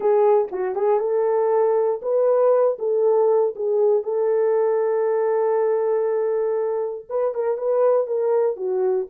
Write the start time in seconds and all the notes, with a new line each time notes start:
0.00 G#4
0.51 F#4
0.75 G#4
0.99 A4
2.02 B4
2.78 A4
3.55 G#4
4.03 A4
7.09 B4
7.34 A#4
7.57 B4
8.06 A#4
8.56 F#4